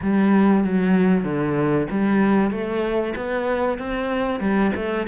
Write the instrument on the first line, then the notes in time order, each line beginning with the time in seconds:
cello
0.01 G3
0.63 F#3
1.24 D3
1.90 G3
2.51 A3
3.16 B3
3.78 C4
4.40 G3
4.75 A3